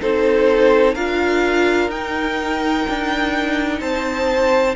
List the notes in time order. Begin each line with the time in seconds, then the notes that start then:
0.00 C4 D#4 A4 C5
0.94 D4 F4 A#4 F5
1.88 D#4 G5
2.88 D4
3.80 C4 C5 A5